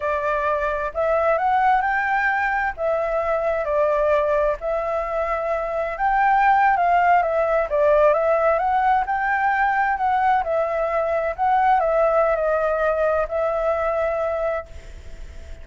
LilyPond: \new Staff \with { instrumentName = "flute" } { \time 4/4 \tempo 4 = 131 d''2 e''4 fis''4 | g''2 e''2 | d''2 e''2~ | e''4 g''4.~ g''16 f''4 e''16~ |
e''8. d''4 e''4 fis''4 g''16~ | g''4.~ g''16 fis''4 e''4~ e''16~ | e''8. fis''4 e''4~ e''16 dis''4~ | dis''4 e''2. | }